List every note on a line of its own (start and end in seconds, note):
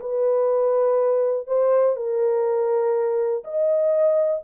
0.00 1.46 B4
1.46 1.96 C5
1.96 3.43 A#4
3.44 4.42 D#5